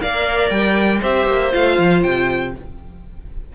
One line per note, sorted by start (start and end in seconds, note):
0.00 0.50 A#3
0.00 1.02 A#4
0.00 1.00 D5
0.00 0.50 F5
0.50 1.01 G3
0.50 1.00 G5
1.00 1.26 C4
1.00 1.51 G4
1.00 2.52 C5
1.00 1.53 E5
1.26 1.52 A#3
1.51 1.78 A3
1.51 2.53 F4
1.51 2.02 F5
1.78 2.03 F3
2.02 2.55 C3
2.02 2.53 G5